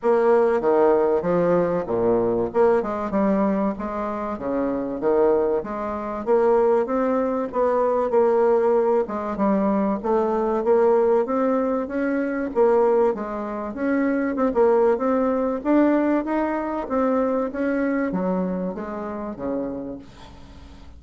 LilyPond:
\new Staff \with { instrumentName = "bassoon" } { \time 4/4 \tempo 4 = 96 ais4 dis4 f4 ais,4 | ais8 gis8 g4 gis4 cis4 | dis4 gis4 ais4 c'4 | b4 ais4. gis8 g4 |
a4 ais4 c'4 cis'4 | ais4 gis4 cis'4 c'16 ais8. | c'4 d'4 dis'4 c'4 | cis'4 fis4 gis4 cis4 | }